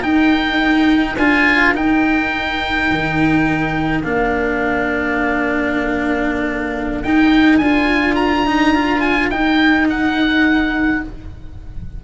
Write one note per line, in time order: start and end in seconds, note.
0.00 1.16 D#4
0.00 1.17 D#4
0.00 11.00 A#4
0.00 1.17 G5
1.17 1.74 D4
1.17 1.74 F4
1.17 1.75 G#5
1.74 4.03 D#4
1.74 2.89 D#4
1.74 4.03 G5
2.90 4.03 D#3
4.03 7.03 A#3
4.03 7.03 D4
4.03 7.03 F5
7.03 7.58 D#4
7.03 7.62 D#4
7.03 7.57 G5
7.57 9.30 D4
7.57 8.46 F4
7.57 8.15 G#5
8.15 9.00 A#5
8.46 8.75 D#4
8.75 9.32 F4
9.00 9.29 G#5
9.30 11.02 D#4
9.30 11.03 D#4
9.30 9.87 G5
9.89 11.04 F#5